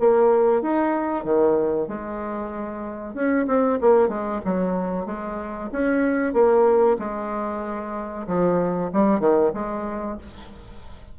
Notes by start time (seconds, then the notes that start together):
0.00 A#3
0.62 D#4
1.24 D#3
1.88 G#3
3.15 C#4
3.48 C4
3.82 A#3
4.09 G#3
4.45 F#3
5.06 G#3
5.72 C#4
6.34 A#3
7.00 G#3
8.27 F3
8.93 G3
9.20 D#3
9.55 G#3